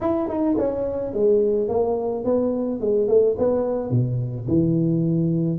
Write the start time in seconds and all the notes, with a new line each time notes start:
0.00 E4
0.28 D#4
0.58 C#4
1.13 G#3
1.68 A#3
2.24 B3
2.80 G#3
3.08 A3
3.38 B3
3.90 B2
4.47 E3